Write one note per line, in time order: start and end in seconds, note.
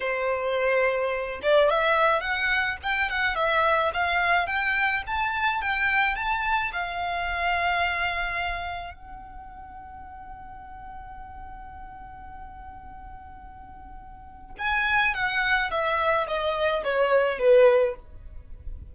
0.00 1.40 C5
1.42 1.69 D5
1.69 2.20 E5
2.20 2.77 F#5
2.82 3.09 G5
3.09 3.35 F#5
3.35 3.91 E5
3.93 4.47 F5
4.47 5.03 G5
5.06 5.61 A5
5.61 6.15 G5
6.15 6.71 A5
6.72 8.93 F5
8.93 14.54 F#5
14.58 15.14 G#5
15.14 15.70 F#5
15.70 16.26 E5
16.27 16.83 D#5
16.84 17.39 C#5
17.39 17.95 B4